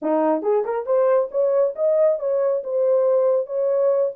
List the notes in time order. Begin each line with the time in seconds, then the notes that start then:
0.02 D#4
0.42 G#4
0.64 A#4
0.85 C5
1.31 C#5
1.75 D#5
2.19 C#5
2.63 C5
3.46 C#5